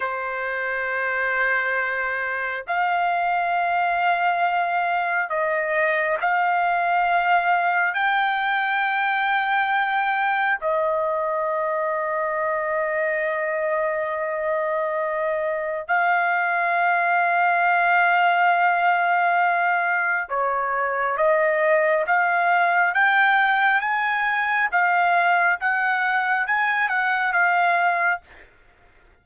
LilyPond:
\new Staff \with { instrumentName = "trumpet" } { \time 4/4 \tempo 4 = 68 c''2. f''4~ | f''2 dis''4 f''4~ | f''4 g''2. | dis''1~ |
dis''2 f''2~ | f''2. cis''4 | dis''4 f''4 g''4 gis''4 | f''4 fis''4 gis''8 fis''8 f''4 | }